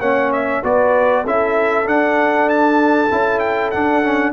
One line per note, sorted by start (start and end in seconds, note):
0.00 0.62 A#3
0.00 0.63 C#4
0.00 0.62 C#5
0.00 0.32 F#5
0.33 0.64 E5
0.63 1.25 B3
0.63 1.25 F#4
0.63 1.25 B4
0.63 1.27 D5
1.25 1.86 C#4
1.25 1.85 E4
1.25 4.33 A4
1.25 1.88 E5
1.85 3.08 D4
1.85 3.09 D4
1.85 2.49 F#5
2.49 3.39 A5
3.11 3.74 C#4
3.11 3.73 E4
3.39 3.70 G5
3.71 4.03 D4
3.71 4.33 D4
3.71 4.33 F#5
4.03 4.33 C#4